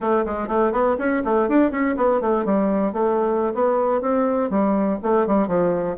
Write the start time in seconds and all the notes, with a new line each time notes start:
0.00 A3
0.25 G#3
0.47 A3
0.72 B3
0.98 C#4
1.24 A3
1.49 D4
1.71 C#4
1.96 B3
2.20 A3
2.45 G3
2.92 A3
3.54 B3
4.01 C4
4.49 G3
5.02 A3
5.26 G3
5.47 F3